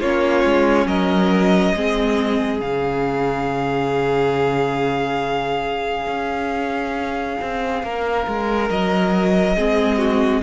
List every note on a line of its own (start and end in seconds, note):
0.00 0.44 A#3
0.00 1.76 C#4
0.00 0.87 F4
0.00 0.87 C#5
0.45 0.86 G#3
0.86 1.73 F#3
0.86 1.75 A#4
0.86 2.61 D#5
1.75 2.60 G#3
1.75 2.60 C4
1.75 7.85 G#4
2.60 6.07 C#3
2.60 9.56 C#4
2.60 8.69 F5
6.07 7.37 C#4
7.42 7.83 C4
7.83 8.27 A#3
7.83 9.57 A#4
8.27 8.70 G#3
8.70 9.57 F#3
8.70 10.43 D#5
9.57 10.43 G#3
9.57 10.43 C4
9.57 9.98 G#4
9.98 10.42 F#4